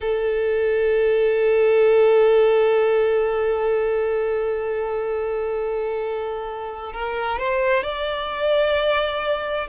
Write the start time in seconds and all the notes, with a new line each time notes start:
0.00 A4
6.92 A#4
7.38 C5
7.83 D5